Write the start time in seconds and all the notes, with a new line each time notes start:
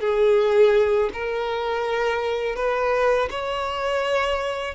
0.00 G#4
1.13 A#4
2.55 B4
3.31 C#5